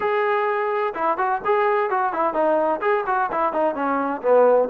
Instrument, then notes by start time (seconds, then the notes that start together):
trombone
0.00 G#4
0.94 E4
1.17 F#4
1.44 G#4
1.90 F#4
2.13 E4
2.33 D#4
2.81 G#4
3.06 F#4
3.31 E4
3.52 D#4
3.74 C#4
4.21 B3